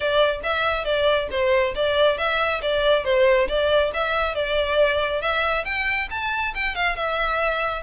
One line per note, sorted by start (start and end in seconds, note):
0.00 0.40 D5
0.43 0.84 E5
0.84 1.28 D5
1.30 1.74 C5
1.75 2.17 D5
2.17 2.61 E5
2.62 3.04 D5
3.04 3.48 C5
3.48 3.91 D5
3.93 4.34 E5
4.34 5.21 D5
5.21 5.65 E5
5.65 6.08 G5
6.10 6.54 A5
6.54 6.75 G5
6.75 6.95 F5
6.95 7.82 E5